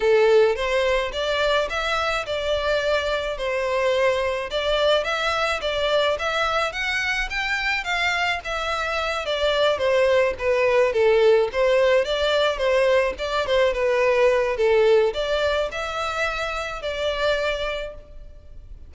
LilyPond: \new Staff \with { instrumentName = "violin" } { \time 4/4 \tempo 4 = 107 a'4 c''4 d''4 e''4 | d''2 c''2 | d''4 e''4 d''4 e''4 | fis''4 g''4 f''4 e''4~ |
e''8 d''4 c''4 b'4 a'8~ | a'8 c''4 d''4 c''4 d''8 | c''8 b'4. a'4 d''4 | e''2 d''2 | }